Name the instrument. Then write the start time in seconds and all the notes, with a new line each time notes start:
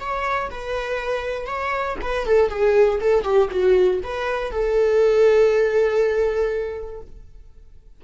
viola
0.00 C#5
0.50 B4
1.46 C#5
2.02 B4
2.26 A4
2.50 G#4
3.00 A4
3.24 G4
3.50 F#4
4.03 B4
4.51 A4